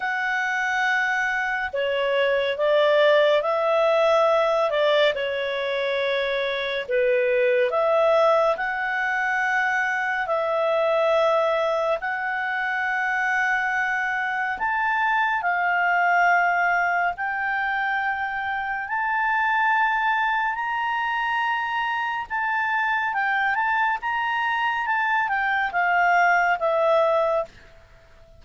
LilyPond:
\new Staff \with { instrumentName = "clarinet" } { \time 4/4 \tempo 4 = 70 fis''2 cis''4 d''4 | e''4. d''8 cis''2 | b'4 e''4 fis''2 | e''2 fis''2~ |
fis''4 a''4 f''2 | g''2 a''2 | ais''2 a''4 g''8 a''8 | ais''4 a''8 g''8 f''4 e''4 | }